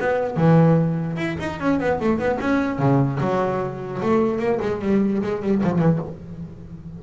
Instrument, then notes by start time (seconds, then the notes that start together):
double bass
0.00 B3
0.37 E3
1.17 E4
1.40 D#4
1.60 C#4
1.80 B3
2.00 A3
2.19 B3
2.40 C#4
2.79 C#3
3.20 F#3
4.02 A3
4.39 A#3
4.61 G#3
4.81 G3
5.22 G#3
5.42 G3
5.63 F3
5.79 E3